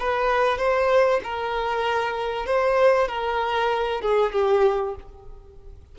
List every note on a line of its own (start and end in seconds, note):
0.00 0.58 B4
0.58 1.21 C5
1.24 2.46 A#4
2.46 3.08 C5
3.08 4.01 A#4
4.01 4.33 G#4
4.33 4.95 G4